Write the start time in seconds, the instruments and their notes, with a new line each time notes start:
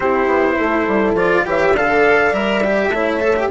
0.00 bassoon C4, cello E4, horn G4, trumpet C5
0.27 bassoon B3
0.58 bassoon A3, horn A4
0.87 bassoon G3
1.14 bassoon F3, cello F4, trumpet D5
1.45 bassoon E3, cello G4, horn C#5, trumpet E5
1.74 bassoon D3, cello A4, horn D5, trumpet F5
2.32 bassoon G3, cello A#4, trumpet E5
2.63 cello G4
2.89 bassoon A3, cello E4, horn C#5
3.20 cello A4
3.36 cello G4